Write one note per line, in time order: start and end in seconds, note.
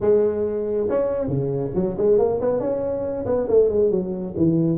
0.00 0.87 G#3
0.89 1.28 C#4
1.28 1.71 C#3
1.74 1.96 F#3
1.97 2.18 G#3
2.18 2.40 A#3
2.40 2.59 B3
2.59 3.25 C#4
3.25 3.47 B3
3.48 3.69 A3
3.69 3.90 G#3
3.91 4.34 F#3
4.36 4.77 E3